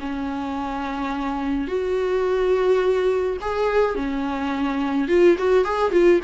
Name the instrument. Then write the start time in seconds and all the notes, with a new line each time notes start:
viola
0.00 C#4
1.67 F#4
3.41 G#4
3.95 C#4
5.08 F4
5.38 F#4
5.64 G#4
5.92 F4